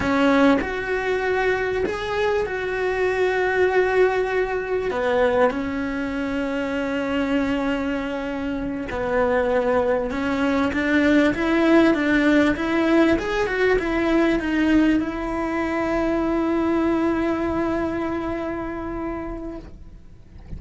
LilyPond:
\new Staff \with { instrumentName = "cello" } { \time 4/4 \tempo 4 = 98 cis'4 fis'2 gis'4 | fis'1 | b4 cis'2.~ | cis'2~ cis'8 b4.~ |
b8 cis'4 d'4 e'4 d'8~ | d'8 e'4 gis'8 fis'8 e'4 dis'8~ | dis'8 e'2.~ e'8~ | e'1 | }